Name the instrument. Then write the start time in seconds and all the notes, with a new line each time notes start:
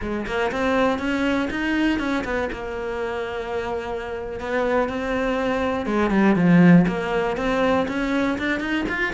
cello
0.01 G#3
0.26 A#3
0.51 C4
0.98 C#4
1.50 D#4
1.99 C#4
2.24 B3
2.52 A#3
4.40 B3
4.88 C4
5.86 G#3
6.10 G3
6.35 F3
6.87 A#3
7.36 C4
7.88 C#4
8.38 D4
8.60 D#4
8.88 F4